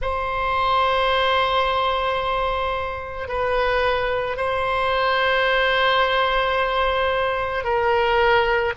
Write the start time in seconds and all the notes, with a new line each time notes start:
0.01 C5
3.27 B4
4.36 C5
7.64 A#4